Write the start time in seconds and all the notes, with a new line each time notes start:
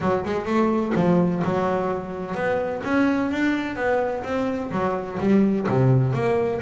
0.00 F#3
0.24 G#3
0.45 A3
0.95 F3
1.44 F#3
2.34 B3
2.84 C#4
3.31 D4
3.76 B3
4.23 C4
4.71 F#3
5.19 G3
5.68 C3
6.13 A#3